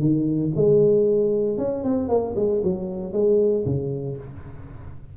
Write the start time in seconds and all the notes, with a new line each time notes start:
0.00 D#3
0.56 G#3
1.58 C#4
1.84 C4
2.09 A#3
2.36 G#3
2.64 F#3
3.13 G#3
3.66 C#3